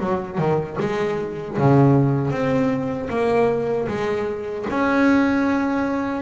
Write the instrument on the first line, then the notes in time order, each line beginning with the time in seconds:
double bass
0.00 F#3
0.38 D#3
0.80 G#3
1.58 C#3
2.31 C4
3.10 A#3
3.88 G#3
4.70 C#4